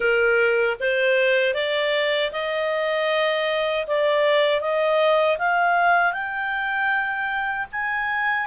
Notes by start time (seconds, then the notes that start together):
0.00 A#4
0.79 C5
1.54 D5
2.31 D#5
3.87 D5
4.60 D#5
5.38 F5
6.13 G5
7.71 G#5